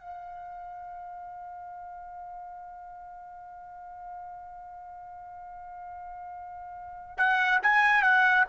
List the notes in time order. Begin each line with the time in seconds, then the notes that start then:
0.00 F5
7.17 F#5
7.63 G#5
8.02 F#5